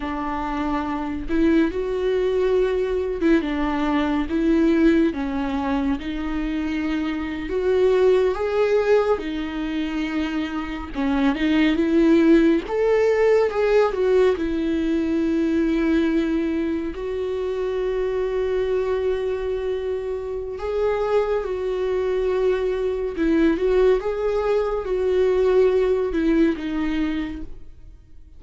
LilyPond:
\new Staff \with { instrumentName = "viola" } { \time 4/4 \tempo 4 = 70 d'4. e'8 fis'4.~ fis'16 e'16 | d'4 e'4 cis'4 dis'4~ | dis'8. fis'4 gis'4 dis'4~ dis'16~ | dis'8. cis'8 dis'8 e'4 a'4 gis'16~ |
gis'16 fis'8 e'2. fis'16~ | fis'1 | gis'4 fis'2 e'8 fis'8 | gis'4 fis'4. e'8 dis'4 | }